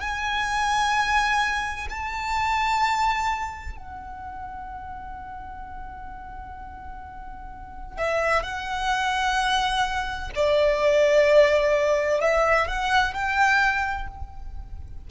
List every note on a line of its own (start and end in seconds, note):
0.00 1.87 G#5
1.90 3.77 A5
3.77 7.97 F#5
7.97 8.43 E5
8.43 10.30 F#5
10.36 12.21 D5
12.21 12.68 E5
12.68 13.14 F#5
13.14 14.08 G5